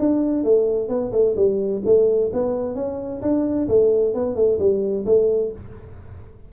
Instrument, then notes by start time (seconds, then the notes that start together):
tuba
0.00 D4
0.44 A3
0.89 B3
1.13 A3
1.37 G3
1.85 A3
2.33 B3
2.76 C#4
3.22 D4
3.69 A3
4.15 B3
4.36 A3
4.59 G3
5.06 A3